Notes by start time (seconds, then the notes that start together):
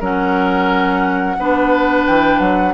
0.00 F#3 C#4 A#4 F#5
1.38 B3 D4 B4
2.06 E3 G5
2.39 F#3 F#5